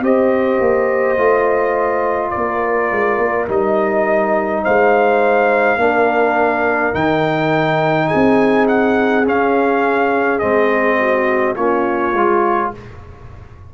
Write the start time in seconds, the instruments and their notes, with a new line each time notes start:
0.00 tuba C4, trombone G4, horn C5, trumpet D#5
0.60 tuba A#3
1.17 tuba A3, trombone F4
2.30 horn A#4, trumpet D5
2.36 tuba A#3
2.91 tuba G#3
3.18 tuba A#3
3.48 tuba G3, trombone D#4, trumpet D#5
4.63 tuba G#3, horn C5, trumpet F5
5.76 tuba A#3, trombone D4, horn A#4
6.94 tuba D#3, trombone D#4, trumpet G5
8.07 horn G#4, trumpet G#5
8.14 tuba C4
8.68 trumpet F#5
9.25 trombone C#4, tuba C#4, trumpet F5
10.39 tuba G#3, trombone C4, trumpet D#5
11.00 horn F#4
11.56 tuba A#3, trombone C#4, horn F4, trumpet C#5
12.13 tuba G#3, trombone F4